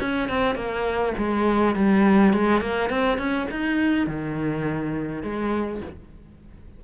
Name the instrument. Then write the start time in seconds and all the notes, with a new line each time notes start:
cello
0.00 C#4
0.29 C4
0.55 A#3
1.18 G#3
1.75 G3
2.33 G#3
2.61 A#3
2.90 C4
3.18 C#4
3.51 D#4
4.07 D#3
5.23 G#3